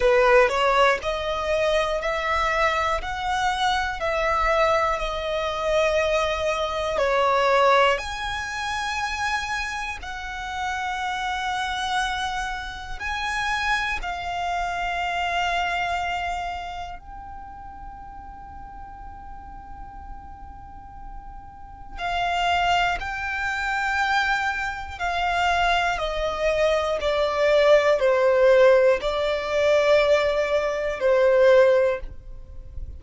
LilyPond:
\new Staff \with { instrumentName = "violin" } { \time 4/4 \tempo 4 = 60 b'8 cis''8 dis''4 e''4 fis''4 | e''4 dis''2 cis''4 | gis''2 fis''2~ | fis''4 gis''4 f''2~ |
f''4 g''2.~ | g''2 f''4 g''4~ | g''4 f''4 dis''4 d''4 | c''4 d''2 c''4 | }